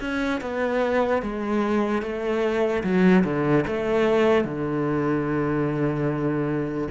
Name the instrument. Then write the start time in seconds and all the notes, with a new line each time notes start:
cello
0.00 C#4
0.41 B3
1.22 G#3
2.02 A3
2.83 F#3
3.24 D3
3.67 A3
4.44 D3